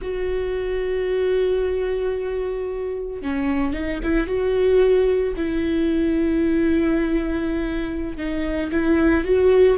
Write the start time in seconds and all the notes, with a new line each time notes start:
0.01 F#4
3.22 C#4
3.73 D#4
4.03 E4
4.26 F#4
5.36 E4
8.17 D#4
8.71 E4
9.24 F#4